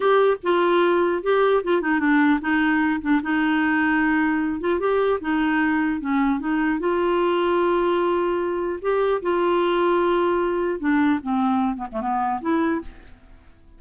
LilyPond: \new Staff \with { instrumentName = "clarinet" } { \time 4/4 \tempo 4 = 150 g'4 f'2 g'4 | f'8 dis'8 d'4 dis'4. d'8 | dis'2.~ dis'8 f'8 | g'4 dis'2 cis'4 |
dis'4 f'2.~ | f'2 g'4 f'4~ | f'2. d'4 | c'4. b16 a16 b4 e'4 | }